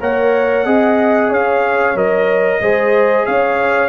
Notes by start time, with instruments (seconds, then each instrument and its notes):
0.00 tuba A#3, trombone A#4, horn C#5, trumpet F#5
0.65 tuba C4, trombone G#4, horn D#5
1.29 tuba C#4, horn C#5, trumpet F5
1.94 tuba F#3, trombone A#4, trumpet D#5
2.60 tuba G#3, trombone G#4, horn C5
3.25 tuba C#4, horn C#5, trumpet F5